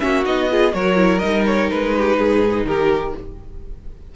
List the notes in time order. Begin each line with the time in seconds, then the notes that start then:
0.00 A#3 C#4 F#4 E5
0.25 B3 D#4 D#5
0.50 F4 G#4
0.72 F#3 F#4 A#4 C#5
0.97 E4
1.19 G3 D#4 D#5
1.46 C#5
1.71 G#3 B4
1.99 G4
2.18 G#2 G#4
2.66 D#3 G4 A#4